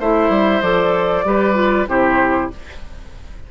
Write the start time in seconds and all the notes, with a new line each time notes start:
0.00 A3 E4 C5 E5
0.30 G3
0.62 F3 A4 D5
1.25 G3 G4 B4
1.54 F4
1.87 C3 E4 G4 C5